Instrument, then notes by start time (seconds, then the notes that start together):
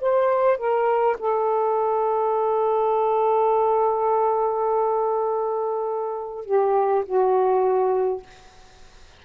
saxophone
0.00 C5
0.58 A#4
1.19 A4
6.45 G4
7.05 F#4